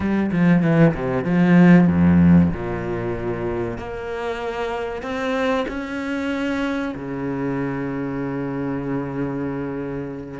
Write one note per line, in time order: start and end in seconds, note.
0.00 0.30 G3
0.31 0.62 F3
0.62 0.94 E3
0.94 1.24 C3
1.24 1.87 F3
1.87 2.51 F2
2.53 3.78 A#2
3.78 5.02 A#3
5.02 5.65 C4
5.68 6.94 C#4
6.95 10.40 C#3